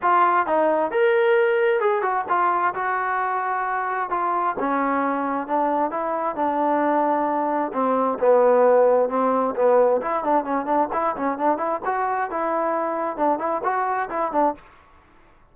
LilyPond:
\new Staff \with { instrumentName = "trombone" } { \time 4/4 \tempo 4 = 132 f'4 dis'4 ais'2 | gis'8 fis'8 f'4 fis'2~ | fis'4 f'4 cis'2 | d'4 e'4 d'2~ |
d'4 c'4 b2 | c'4 b4 e'8 d'8 cis'8 d'8 | e'8 cis'8 d'8 e'8 fis'4 e'4~ | e'4 d'8 e'8 fis'4 e'8 d'8 | }